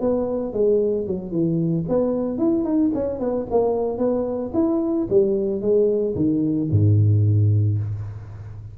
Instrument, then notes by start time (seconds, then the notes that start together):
tuba
0.00 B3
0.53 G#3
1.06 F#3
1.31 E3
1.88 B3
2.38 E4
2.64 D#4
2.94 C#4
3.19 B3
3.51 A#3
3.98 B3
4.54 E4
5.10 G3
5.61 G#3
6.15 D#3
6.71 G#2